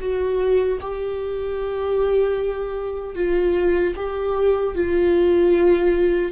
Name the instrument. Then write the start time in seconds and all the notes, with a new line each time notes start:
viola
0.00 F#4
0.81 G4
3.15 F4
3.96 G4
4.75 F4